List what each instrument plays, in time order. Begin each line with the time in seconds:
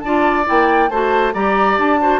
0.00 bassoon D4, clarinet F4, oboe D5, flute A5
0.44 bassoon A#3, clarinet E4, flute G5
0.89 bassoon A3, clarinet F#4, oboe C5, flute A5
1.34 bassoon G3, clarinet G4, oboe D5, flute A#5
1.78 bassoon D4, flute A5
1.99 clarinet F#4, oboe C5